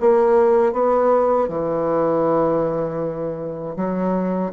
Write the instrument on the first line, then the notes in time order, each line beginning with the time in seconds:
bassoon
0.00 A#3
0.72 B3
1.48 E3
3.76 F#3